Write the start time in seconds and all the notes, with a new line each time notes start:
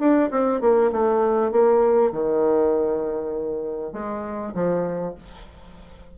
0.00 D4
0.31 C4
0.61 A#3
0.92 A3
1.52 A#3
2.13 D#3
3.93 G#3
4.55 F3